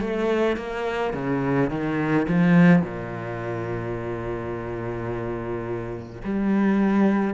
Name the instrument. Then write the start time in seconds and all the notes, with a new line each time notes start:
cello
0.00 A3
0.57 A#3
1.13 C#3
1.70 D#3
2.28 F3
2.83 A#2
6.24 G3